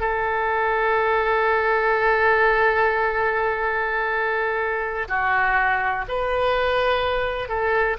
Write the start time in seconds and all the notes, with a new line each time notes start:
0.00 A4
5.08 F#4
6.08 B4
7.49 A4